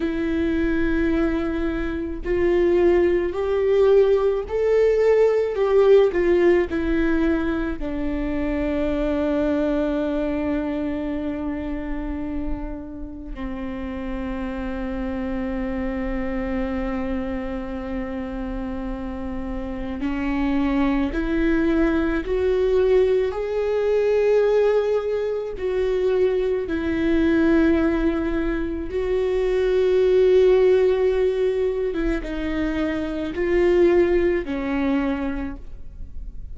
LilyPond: \new Staff \with { instrumentName = "viola" } { \time 4/4 \tempo 4 = 54 e'2 f'4 g'4 | a'4 g'8 f'8 e'4 d'4~ | d'1 | c'1~ |
c'2 cis'4 e'4 | fis'4 gis'2 fis'4 | e'2 fis'2~ | fis'8. e'16 dis'4 f'4 cis'4 | }